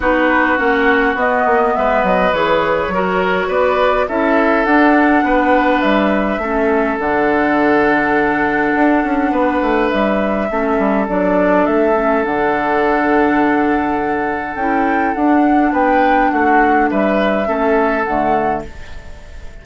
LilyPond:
<<
  \new Staff \with { instrumentName = "flute" } { \time 4/4 \tempo 4 = 103 b'4 fis''4 dis''4 e''8 dis''8 | cis''2 d''4 e''4 | fis''2 e''2 | fis''1~ |
fis''4 e''2 d''4 | e''4 fis''2.~ | fis''4 g''4 fis''4 g''4 | fis''4 e''2 fis''4 | }
  \new Staff \with { instrumentName = "oboe" } { \time 4/4 fis'2. b'4~ | b'4 ais'4 b'4 a'4~ | a'4 b'2 a'4~ | a'1 |
b'2 a'2~ | a'1~ | a'2. b'4 | fis'4 b'4 a'2 | }
  \new Staff \with { instrumentName = "clarinet" } { \time 4/4 dis'4 cis'4 b2 | gis'4 fis'2 e'4 | d'2. cis'4 | d'1~ |
d'2 cis'4 d'4~ | d'8 cis'8 d'2.~ | d'4 e'4 d'2~ | d'2 cis'4 a4 | }
  \new Staff \with { instrumentName = "bassoon" } { \time 4/4 b4 ais4 b8 ais8 gis8 fis8 | e4 fis4 b4 cis'4 | d'4 b4 g4 a4 | d2. d'8 cis'8 |
b8 a8 g4 a8 g8 fis4 | a4 d2.~ | d4 cis'4 d'4 b4 | a4 g4 a4 d4 | }
>>